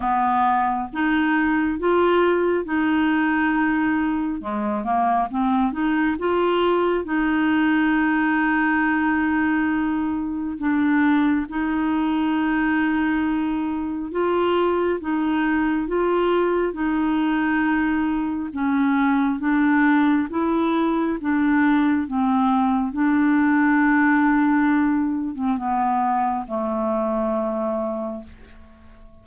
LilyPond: \new Staff \with { instrumentName = "clarinet" } { \time 4/4 \tempo 4 = 68 b4 dis'4 f'4 dis'4~ | dis'4 gis8 ais8 c'8 dis'8 f'4 | dis'1 | d'4 dis'2. |
f'4 dis'4 f'4 dis'4~ | dis'4 cis'4 d'4 e'4 | d'4 c'4 d'2~ | d'8. c'16 b4 a2 | }